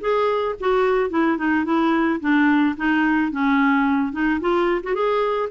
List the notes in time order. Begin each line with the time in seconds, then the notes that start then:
0.00 G#4
0.60 F#4
1.10 E4
1.37 D#4
1.65 E4
2.20 D4
2.76 D#4
3.31 C#4
4.12 D#4
4.40 F4
4.83 F#4
4.94 G#4